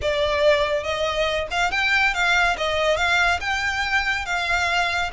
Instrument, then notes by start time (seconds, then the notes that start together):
violin
0.01 D5
0.83 D#5
1.50 F5
1.71 G5
2.14 F5
2.57 D#5
2.97 F5
3.40 G5
4.25 F5